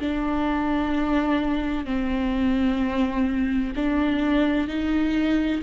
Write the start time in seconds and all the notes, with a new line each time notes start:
0.00 D4
1.85 C4
3.76 D4
4.68 D#4